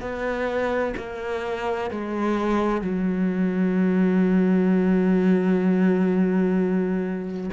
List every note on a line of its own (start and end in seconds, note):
0.00 0.94 B3
0.97 1.90 A#3
1.90 2.81 G#3
2.81 7.50 F#3